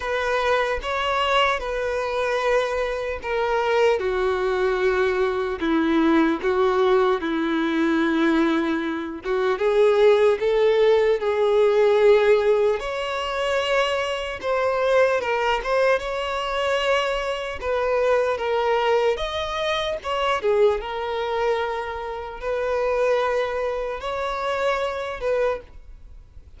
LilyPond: \new Staff \with { instrumentName = "violin" } { \time 4/4 \tempo 4 = 75 b'4 cis''4 b'2 | ais'4 fis'2 e'4 | fis'4 e'2~ e'8 fis'8 | gis'4 a'4 gis'2 |
cis''2 c''4 ais'8 c''8 | cis''2 b'4 ais'4 | dis''4 cis''8 gis'8 ais'2 | b'2 cis''4. b'8 | }